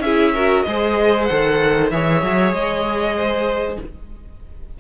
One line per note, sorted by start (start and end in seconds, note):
0.00 0.62 C#4
0.00 0.35 E4
0.00 0.34 G#4
0.00 0.63 E5
0.34 0.67 F#4
0.34 0.65 A#4
0.63 1.29 G#3
0.63 1.29 G#4
0.63 1.93 C5
0.63 1.25 D#5
1.25 1.92 D#3
1.25 1.92 A4
1.25 1.87 F#5
1.91 2.23 E3
1.91 3.80 G#4
1.91 3.17 C#5
1.91 2.54 E5
2.23 2.52 F#3
2.52 3.77 G#3
2.52 3.79 D#5
3.17 3.79 C5